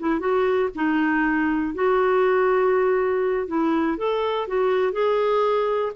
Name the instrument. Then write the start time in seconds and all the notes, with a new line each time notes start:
clarinet
0.00 E4
0.20 F#4
0.75 D#4
1.75 F#4
3.48 E4
3.98 A4
4.48 F#4
4.93 G#4